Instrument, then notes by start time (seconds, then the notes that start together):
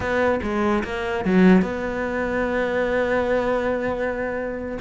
cello
0.00 B3
0.42 G#3
0.84 A#3
1.24 F#3
1.62 B3